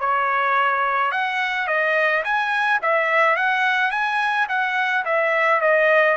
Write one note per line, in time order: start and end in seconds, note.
0.00 1.12 C#5
1.12 1.68 F#5
1.68 2.24 D#5
2.24 2.80 G#5
2.82 3.36 E5
3.36 3.91 F#5
3.91 4.47 G#5
4.49 5.05 F#5
5.05 5.61 E5
5.61 6.17 D#5